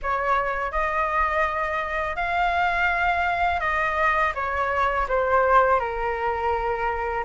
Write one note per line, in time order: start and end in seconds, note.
0.02 0.71 C#5
0.71 2.16 D#5
2.16 3.60 F5
3.60 4.32 D#5
4.34 5.07 C#5
5.08 5.79 C5
5.79 7.24 A#4